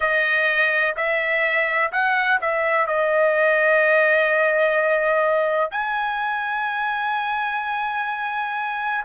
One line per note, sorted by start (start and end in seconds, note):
0.00 0.95 D#5
0.96 1.91 E5
1.92 2.39 F#5
2.41 2.86 E5
2.86 5.71 D#5
5.71 9.04 G#5